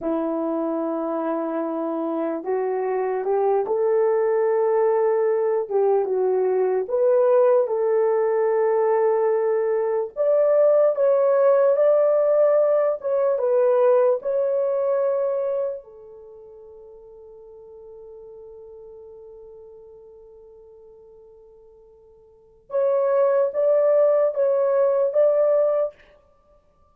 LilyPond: \new Staff \with { instrumentName = "horn" } { \time 4/4 \tempo 4 = 74 e'2. fis'4 | g'8 a'2~ a'8 g'8 fis'8~ | fis'8 b'4 a'2~ a'8~ | a'8 d''4 cis''4 d''4. |
cis''8 b'4 cis''2 a'8~ | a'1~ | a'1 | cis''4 d''4 cis''4 d''4 | }